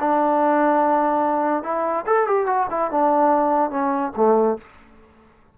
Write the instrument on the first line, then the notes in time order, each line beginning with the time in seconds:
trombone
0.00 D4
1.63 E4
2.06 A4
2.27 G4
2.47 F#4
2.70 E4
2.91 D4
3.70 C#4
4.16 A3